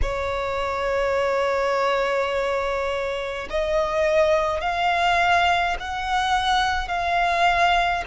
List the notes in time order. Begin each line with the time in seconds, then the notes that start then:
0.02 C#5
3.50 D#5
4.60 F5
5.79 F#5
6.88 F5